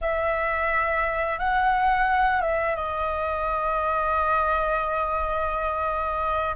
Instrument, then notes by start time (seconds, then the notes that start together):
flute
0.01 E5
1.39 F#5
2.41 E5
2.76 D#5